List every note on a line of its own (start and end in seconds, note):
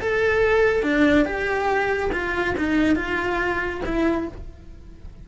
0.00 0.83 A4
0.83 1.25 D4
1.25 2.10 G4
2.12 2.55 F4
2.57 2.95 D#4
2.95 3.80 F4
3.85 4.28 E4